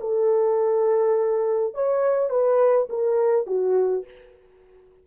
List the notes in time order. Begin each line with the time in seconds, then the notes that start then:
0.00 A4
1.74 C#5
2.30 B4
2.89 A#4
3.47 F#4